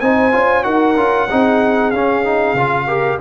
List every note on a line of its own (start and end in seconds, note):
0.00 0.33 C4
0.00 0.32 D#4
0.00 0.64 C5
0.00 0.63 G#5
0.32 0.65 C#4
0.32 0.63 F4
0.63 0.96 D#4
0.63 0.95 F#4
0.63 1.28 A#4
0.63 1.91 F#5
0.96 1.28 C#4
0.96 1.28 F4
1.29 1.93 C4
1.29 1.94 D#4
1.29 2.87 G#4
1.91 2.53 C#4
1.91 2.24 C#4
1.91 3.18 F5
2.24 2.56 D#4
2.53 3.17 C#3
2.53 2.88 F4
2.87 3.20 G4
2.87 3.19 A#4